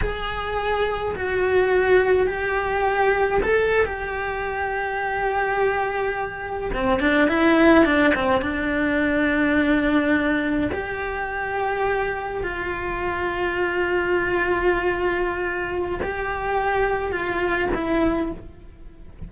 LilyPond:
\new Staff \with { instrumentName = "cello" } { \time 4/4 \tempo 4 = 105 gis'2 fis'2 | g'2 a'8. g'4~ g'16~ | g'2.~ g'8. c'16~ | c'16 d'8 e'4 d'8 c'8 d'4~ d'16~ |
d'2~ d'8. g'4~ g'16~ | g'4.~ g'16 f'2~ f'16~ | f'1 | g'2 f'4 e'4 | }